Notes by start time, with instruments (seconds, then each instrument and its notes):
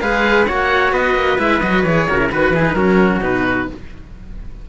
0.00 cello G#3 G#4, trumpet B4, oboe F5
0.46 cello A#3 F#4, trumpet C#5, oboe F#5
0.92 cello B3, trumpet B4, oboe D#5
1.15 cello A#3
1.38 cello G#3 E4, oboe E5
1.60 cello F#3 F#4, oboe D#5
1.83 cello E3 G#4, oboe C#5
2.09 cello C#3 F#4, trumpet A#4
2.18 cello E4
2.31 cello D#3 F#4, oboe B4, trumpet B4
2.50 cello E3 E4, oboe G#4
2.65 cello D#4
2.73 cello F#3 C#4, trumpet F#4, oboe A#4
3.20 cello B2 D#4, oboe B4